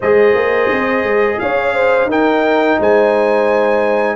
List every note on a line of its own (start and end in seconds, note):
0.00 0.35 G#3
0.00 2.09 G#4
0.00 1.39 C5
0.00 1.39 D#5
0.35 0.69 A#3
0.71 1.03 C4
1.03 1.38 G#3
1.39 2.05 C#4
1.39 1.73 C#5
1.39 2.09 F5
1.73 2.08 C5
2.05 2.75 D#4
2.05 4.15 D#4
2.05 2.78 A#4
2.05 2.81 G5
2.79 4.15 G#3
2.79 4.15 C5
2.79 4.15 G#5